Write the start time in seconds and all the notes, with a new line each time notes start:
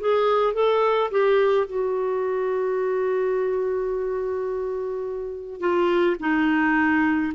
0.00 G#4
0.54 A4
1.11 G4
1.67 F#4
5.60 F4
6.20 D#4